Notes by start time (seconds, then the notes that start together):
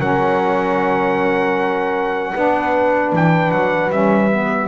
0.00 F#3 C#4 A#4 F#5
2.34 B3 D4 B4
3.13 E3 G5
3.52 F#3 F#5
3.91 G3 C#4 E5
4.31 B3